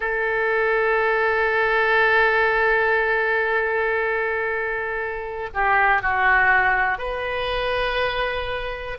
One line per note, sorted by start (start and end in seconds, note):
0.00 5.49 A4
5.54 6.02 G4
6.02 6.97 F#4
6.97 8.97 B4